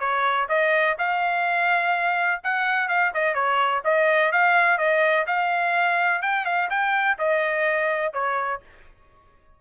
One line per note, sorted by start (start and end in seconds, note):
0.00 0.48 C#5
0.49 0.97 D#5
0.98 2.41 F5
2.44 2.89 F#5
2.89 3.12 F5
3.14 3.35 D#5
3.35 3.82 C#5
3.85 4.32 D#5
4.32 4.78 F5
4.78 5.26 D#5
5.27 6.22 F5
6.22 6.45 G5
6.45 6.69 F5
6.70 7.18 G5
7.19 8.13 D#5
8.13 8.61 C#5